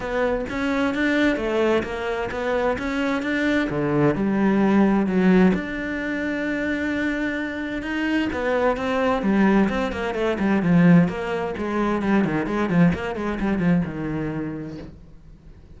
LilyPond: \new Staff \with { instrumentName = "cello" } { \time 4/4 \tempo 4 = 130 b4 cis'4 d'4 a4 | ais4 b4 cis'4 d'4 | d4 g2 fis4 | d'1~ |
d'4 dis'4 b4 c'4 | g4 c'8 ais8 a8 g8 f4 | ais4 gis4 g8 dis8 gis8 f8 | ais8 gis8 g8 f8 dis2 | }